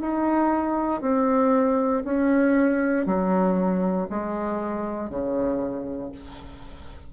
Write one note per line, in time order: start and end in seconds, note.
0.00 1.01 D#4
1.01 2.03 C4
2.04 3.06 C#4
3.06 4.08 F#3
4.10 5.10 G#3
5.10 6.12 C#3